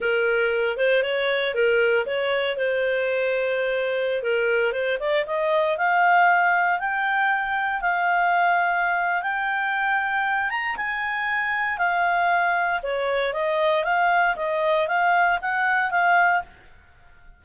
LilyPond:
\new Staff \with { instrumentName = "clarinet" } { \time 4/4 \tempo 4 = 117 ais'4. c''8 cis''4 ais'4 | cis''4 c''2.~ | c''16 ais'4 c''8 d''8 dis''4 f''8.~ | f''4~ f''16 g''2 f''8.~ |
f''2 g''2~ | g''8 ais''8 gis''2 f''4~ | f''4 cis''4 dis''4 f''4 | dis''4 f''4 fis''4 f''4 | }